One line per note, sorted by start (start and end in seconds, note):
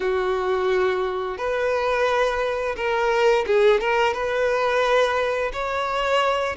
0.00 1.37 F#4
1.37 2.75 B4
2.76 3.45 A#4
3.46 3.80 G#4
3.80 4.13 A#4
4.13 5.51 B4
5.52 6.56 C#5